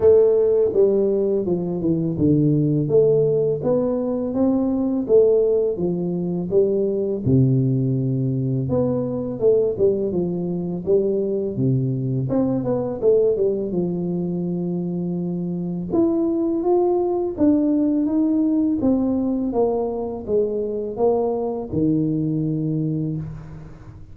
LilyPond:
\new Staff \with { instrumentName = "tuba" } { \time 4/4 \tempo 4 = 83 a4 g4 f8 e8 d4 | a4 b4 c'4 a4 | f4 g4 c2 | b4 a8 g8 f4 g4 |
c4 c'8 b8 a8 g8 f4~ | f2 e'4 f'4 | d'4 dis'4 c'4 ais4 | gis4 ais4 dis2 | }